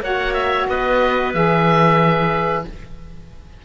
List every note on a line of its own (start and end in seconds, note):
0.00 0.65 A#3
0.00 1.33 F#4
0.00 0.67 C#5
0.00 0.33 F#5
0.33 0.66 E5
0.69 1.34 B3
0.69 2.64 B4
0.69 1.33 D#5
1.33 2.64 E3
1.33 2.64 G#4
1.33 2.63 E5